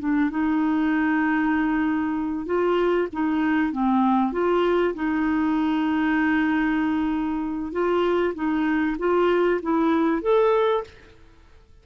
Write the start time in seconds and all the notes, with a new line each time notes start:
0.00 D4
0.31 D#4
2.46 F4
3.13 D#4
3.73 C4
4.33 F4
4.95 D#4
7.73 F4
8.35 D#4
8.99 F4
9.63 E4
10.22 A4